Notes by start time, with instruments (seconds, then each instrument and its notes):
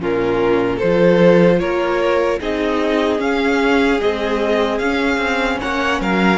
0.00 cello A#2, viola C#4, violin F4 A#4
0.77 violin A4 C5
0.83 cello F3, viola F4
1.60 cello A#3, violin A#4 C#5
2.40 cello C4, viola D#4, violin G#4 D#5
3.19 viola C#4, cello C#4, violin F5
4.00 viola G#3, cello C4, violin D#5
4.79 cello C#4, viola C#4, violin F5
5.17 cello C4
5.61 cello A#3, violin C#5 F#5
6.00 cello F#3, violin A#4 F5